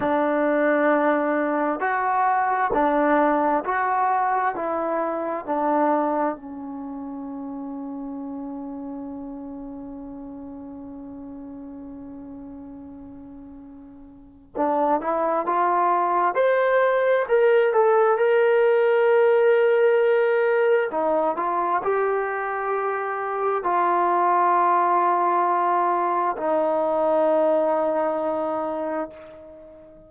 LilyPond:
\new Staff \with { instrumentName = "trombone" } { \time 4/4 \tempo 4 = 66 d'2 fis'4 d'4 | fis'4 e'4 d'4 cis'4~ | cis'1~ | cis'1 |
d'8 e'8 f'4 c''4 ais'8 a'8 | ais'2. dis'8 f'8 | g'2 f'2~ | f'4 dis'2. | }